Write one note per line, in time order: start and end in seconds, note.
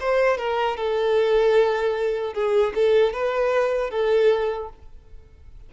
0.00 0.38 C5
0.38 0.77 A#4
0.77 2.34 A4
2.34 2.73 G#4
2.75 3.13 A4
3.13 3.90 B4
3.90 4.69 A4